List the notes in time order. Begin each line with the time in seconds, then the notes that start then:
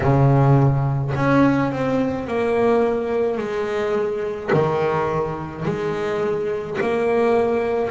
0.00 C#3
1.15 C#4
1.71 C4
2.26 A#3
3.37 G#3
4.53 D#3
5.65 G#3
6.80 A#3